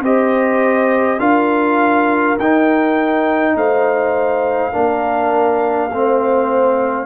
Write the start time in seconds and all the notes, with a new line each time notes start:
0.00 C4 G4 C5 D#5
1.19 D4 F4 A#4 F5
2.38 D#4 G5
3.55 A3 C5 F5
4.72 A#3 D4 A#4
5.91 A3 C4 C5